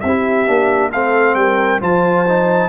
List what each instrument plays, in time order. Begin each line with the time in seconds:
0.00 tuba C4, horn G4, trumpet E5
0.06 trombone E4
0.46 tuba A#3, trombone D4
0.90 tuba A3, trombone C4, horn A4, trumpet F5
1.34 tuba G3, horn A#4, trumpet G5
1.80 tuba F3, trombone F4, horn C5, trumpet A5
2.27 trombone D#4